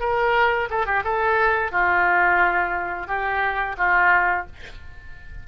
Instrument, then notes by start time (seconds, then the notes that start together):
oboe
0.00 A#4
0.70 A4
0.86 G4
1.04 A4
1.71 F4
3.07 G4
3.78 F4